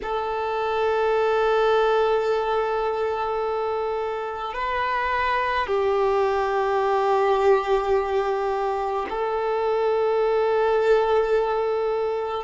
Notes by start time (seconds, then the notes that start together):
0.02 A4
4.53 B4
5.67 G4
9.09 A4